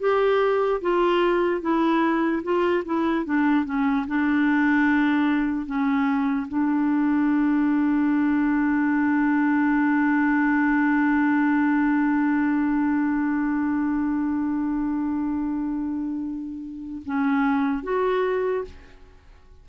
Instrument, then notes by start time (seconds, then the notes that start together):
clarinet
0.00 G4
0.81 F4
1.61 E4
2.44 F4
2.85 E4
3.25 D4
3.66 C#4
4.07 D4
5.66 C#4
6.48 D4
17.05 C#4
17.83 F#4